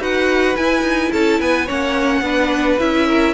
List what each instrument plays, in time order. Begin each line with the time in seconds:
0.00 cello D#4, viola F#4, violin B4 F#5
0.56 viola E4, cello E4, violin G#5
0.82 cello D#4
1.13 cello C#4, violin A4 A5
1.40 cello B3, violin B4 G#5
1.66 cello A#3, viola C#4, violin C#5 F#5
2.21 cello B3, viola D4, violin B4
2.79 cello C#4, viola E4, violin E5
3.07 violin A#4